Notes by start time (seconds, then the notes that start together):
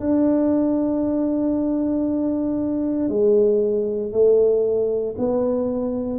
0.00 D4
3.09 G#3
4.12 A3
5.18 B3